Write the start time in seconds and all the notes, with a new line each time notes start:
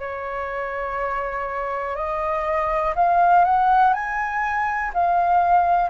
0.00 C#5
1.96 D#5
2.96 F5
3.45 F#5
3.94 G#5
4.94 F5